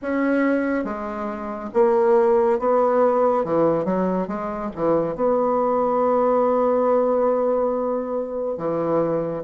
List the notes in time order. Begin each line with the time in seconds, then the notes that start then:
0.02 C#4
0.84 G#3
1.73 A#3
2.59 B3
3.44 E3
3.84 F#3
4.27 G#3
4.75 E3
5.15 B3
8.57 E3